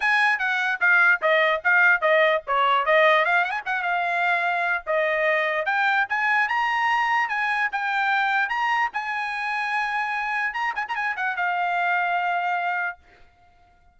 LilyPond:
\new Staff \with { instrumentName = "trumpet" } { \time 4/4 \tempo 4 = 148 gis''4 fis''4 f''4 dis''4 | f''4 dis''4 cis''4 dis''4 | f''8 fis''16 gis''16 fis''8 f''2~ f''8 | dis''2 g''4 gis''4 |
ais''2 gis''4 g''4~ | g''4 ais''4 gis''2~ | gis''2 ais''8 gis''16 ais''16 gis''8 fis''8 | f''1 | }